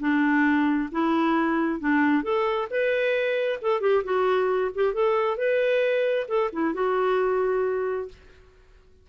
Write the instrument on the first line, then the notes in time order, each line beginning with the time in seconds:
clarinet
0.00 D4
0.92 E4
1.80 D4
2.23 A4
2.70 B4
3.62 A4
3.81 G4
4.04 F#4
4.75 G4
4.94 A4
5.38 B4
6.28 A4
6.53 E4
6.74 F#4